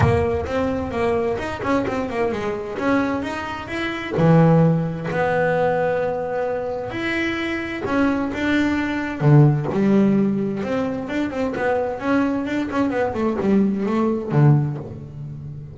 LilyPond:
\new Staff \with { instrumentName = "double bass" } { \time 4/4 \tempo 4 = 130 ais4 c'4 ais4 dis'8 cis'8 | c'8 ais8 gis4 cis'4 dis'4 | e'4 e2 b4~ | b2. e'4~ |
e'4 cis'4 d'2 | d4 g2 c'4 | d'8 c'8 b4 cis'4 d'8 cis'8 | b8 a8 g4 a4 d4 | }